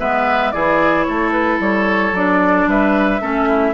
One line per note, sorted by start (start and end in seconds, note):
0.00 0.54 G#3
0.00 0.53 B3
0.00 0.54 B4
0.00 0.52 E5
0.52 1.07 E3
0.52 2.14 E4
0.52 1.07 G#4
0.52 1.04 D5
1.04 1.60 A3
1.04 2.69 A4
1.04 1.30 C#5
1.32 1.59 B4
1.60 2.13 G3
1.60 2.16 C#5
2.13 2.66 F#3
2.13 3.22 D4
2.13 2.69 D5
2.67 3.21 G3
2.67 3.22 B4
2.67 3.74 E5
3.22 3.74 A3
3.22 3.74 C#4
3.22 3.49 A4
3.49 3.74 E4